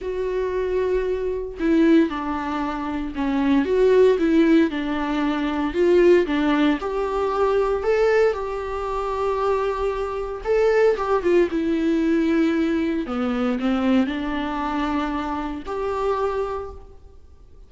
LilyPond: \new Staff \with { instrumentName = "viola" } { \time 4/4 \tempo 4 = 115 fis'2. e'4 | d'2 cis'4 fis'4 | e'4 d'2 f'4 | d'4 g'2 a'4 |
g'1 | a'4 g'8 f'8 e'2~ | e'4 b4 c'4 d'4~ | d'2 g'2 | }